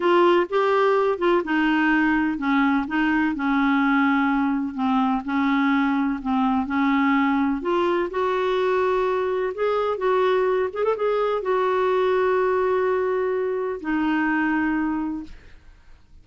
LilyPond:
\new Staff \with { instrumentName = "clarinet" } { \time 4/4 \tempo 4 = 126 f'4 g'4. f'8 dis'4~ | dis'4 cis'4 dis'4 cis'4~ | cis'2 c'4 cis'4~ | cis'4 c'4 cis'2 |
f'4 fis'2. | gis'4 fis'4. gis'16 a'16 gis'4 | fis'1~ | fis'4 dis'2. | }